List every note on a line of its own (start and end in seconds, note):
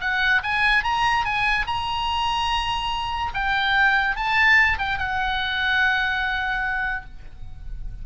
0.00 0.41 F#5
0.43 0.83 G#5
0.83 1.24 A#5
1.24 1.66 G#5
1.66 3.32 A#5
3.33 4.15 G5
4.15 4.78 A5
4.78 4.98 G5
4.98 7.05 F#5